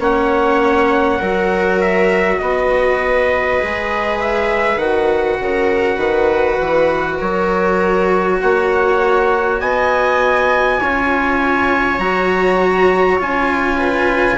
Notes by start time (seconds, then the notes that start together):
0.00 A#3 C#4 C#5 F#5
1.19 F#3 F#4 A#4
1.82 E5
2.39 B3 B4 D#5
3.60 G#3 G#4
4.20 E5
4.77 D#3 F#4 F#5
5.41 C#3 A#4
5.97 D#3 B4
6.61 E3
7.17 F#3 A#4 C#5
8.41 A#3 C#5 F#5
9.61 B3 D#5 G#5
10.80 C#4 F4 C#5
11.99 F#3 F#4 A#5
13.19 C#4 F4 G#5
13.77 B4